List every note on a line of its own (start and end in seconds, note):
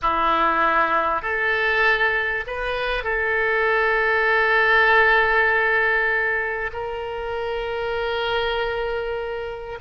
0.02 1.21 E4
1.21 2.44 A4
2.46 3.03 B4
3.03 6.70 A4
6.72 9.78 A#4